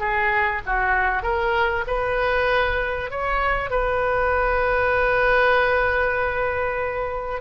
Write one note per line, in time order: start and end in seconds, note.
0.00 0.62 G#4
0.66 1.23 F#4
1.23 1.85 A#4
1.88 3.11 B4
3.11 3.71 C#5
3.71 7.42 B4